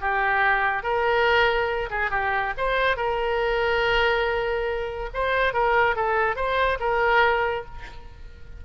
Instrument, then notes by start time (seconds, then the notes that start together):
oboe
0.00 G4
0.83 A#4
1.90 G#4
2.10 G4
2.57 C5
2.96 A#4
5.13 C5
5.53 A#4
5.96 A4
6.36 C5
6.80 A#4